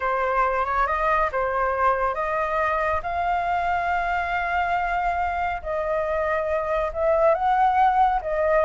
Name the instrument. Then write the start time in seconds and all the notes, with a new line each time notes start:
flute
0.00 C5
0.65 C#5
0.86 D#5
1.32 C5
2.14 D#5
3.02 F5
5.62 D#5
6.93 E5
7.34 F#5
8.21 D#5